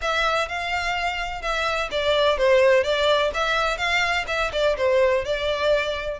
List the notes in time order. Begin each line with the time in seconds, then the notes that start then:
0.01 E5
0.48 F5
1.41 E5
1.91 D5
2.37 C5
2.83 D5
3.34 E5
3.77 F5
4.27 E5
4.52 D5
4.77 C5
5.24 D5